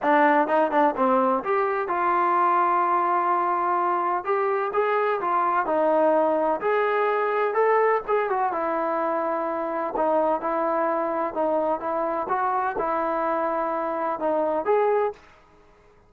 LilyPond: \new Staff \with { instrumentName = "trombone" } { \time 4/4 \tempo 4 = 127 d'4 dis'8 d'8 c'4 g'4 | f'1~ | f'4 g'4 gis'4 f'4 | dis'2 gis'2 |
a'4 gis'8 fis'8 e'2~ | e'4 dis'4 e'2 | dis'4 e'4 fis'4 e'4~ | e'2 dis'4 gis'4 | }